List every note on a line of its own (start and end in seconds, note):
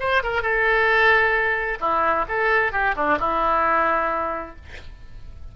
0.00 0.23 C5
0.23 0.42 A#4
0.42 1.79 A4
1.80 2.26 E4
2.28 2.72 A4
2.72 2.95 G4
2.96 3.19 D4
3.19 4.56 E4